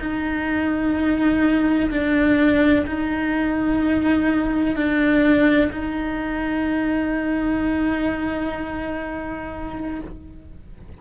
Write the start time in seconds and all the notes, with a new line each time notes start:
0.00 D#4
1.91 D4
2.87 D#4
4.76 D4
5.72 D#4